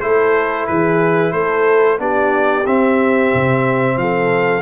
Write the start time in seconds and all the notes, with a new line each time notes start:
0.00 A3 E4 A4 C5
0.67 E3 G#4 B4
1.32 A3 A4 C5
1.98 B3 D4 G4 D5
2.66 C4 E5
3.34 C3
3.97 F3 A4 F5